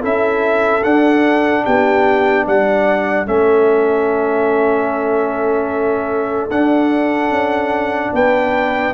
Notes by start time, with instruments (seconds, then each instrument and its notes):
0.00 tuba C#4, trombone E4, horn A4, trumpet E5
0.83 trombone D4, tuba D4, trumpet F#5
1.65 tuba B3, horn G4, trumpet G5
2.44 tuba G3, horn D5, trumpet F#5
3.25 tuba A3, trombone C#4, horn A4, trumpet E5
6.50 tuba D4, trombone D4, trumpet F#5
7.30 tuba C#4
8.12 tuba B3, horn B4, trumpet G5